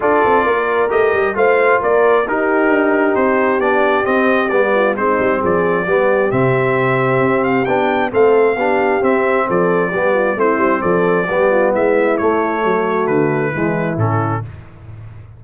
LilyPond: <<
  \new Staff \with { instrumentName = "trumpet" } { \time 4/4 \tempo 4 = 133 d''2 dis''4 f''4 | d''4 ais'2 c''4 | d''4 dis''4 d''4 c''4 | d''2 e''2~ |
e''8 f''8 g''4 f''2 | e''4 d''2 c''4 | d''2 e''4 cis''4~ | cis''4 b'2 a'4 | }
  \new Staff \with { instrumentName = "horn" } { \time 4/4 a'4 ais'2 c''4 | ais'4 g'2.~ | g'2~ g'8 f'8 dis'4 | gis'4 g'2.~ |
g'2 a'4 g'4~ | g'4 a'4 g'8 f'8 e'4 | a'4 g'8 f'8 e'2 | fis'2 e'2 | }
  \new Staff \with { instrumentName = "trombone" } { \time 4/4 f'2 g'4 f'4~ | f'4 dis'2. | d'4 c'4 b4 c'4~ | c'4 b4 c'2~ |
c'4 d'4 c'4 d'4 | c'2 b4 c'4~ | c'4 b2 a4~ | a2 gis4 cis'4 | }
  \new Staff \with { instrumentName = "tuba" } { \time 4/4 d'8 c'8 ais4 a8 g8 a4 | ais4 dis'4 d'4 c'4 | b4 c'4 g4 gis8 g8 | f4 g4 c2 |
c'4 b4 a4 b4 | c'4 f4 g4 a8 g8 | f4 g4 gis4 a4 | fis4 d4 e4 a,4 | }
>>